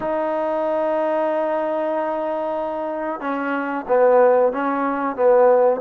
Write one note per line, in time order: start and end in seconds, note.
0.00 3.20 D#4
3.20 3.85 C#4
3.87 4.52 B3
4.52 5.16 C#4
5.16 5.80 B3